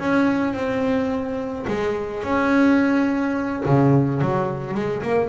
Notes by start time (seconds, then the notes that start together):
0.00 C#4
0.54 C4
1.67 G#3
2.24 C#4
3.66 C#3
4.21 F#3
4.75 G#3
5.03 A#3